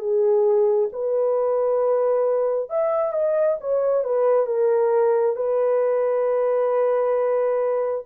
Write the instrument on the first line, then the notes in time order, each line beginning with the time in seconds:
horn
0.00 G#4
0.92 B4
2.70 E5
3.13 D#5
3.61 C#5
4.04 B4
4.47 A#4
5.36 B4